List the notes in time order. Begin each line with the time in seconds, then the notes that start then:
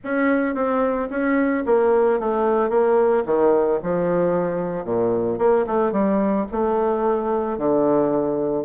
0.03 C#4
0.55 C4
1.10 C#4
1.66 A#3
2.19 A3
2.69 A#3
3.25 D#3
3.82 F3
4.85 A#2
5.38 A#3
5.66 A3
5.91 G3
6.51 A3
7.57 D3